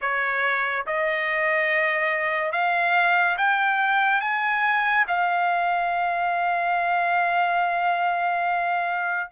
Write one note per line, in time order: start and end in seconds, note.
0.01 0.85 C#5
0.86 2.52 D#5
2.52 3.36 F5
3.37 4.20 G5
4.20 5.05 G#5
5.07 9.30 F5